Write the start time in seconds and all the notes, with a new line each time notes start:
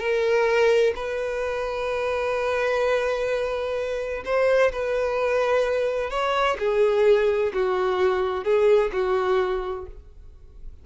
0.00 A#4
0.96 B4
4.25 C5
4.73 B4
6.11 C#5
6.59 G#4
7.54 F#4
8.45 G#4
8.93 F#4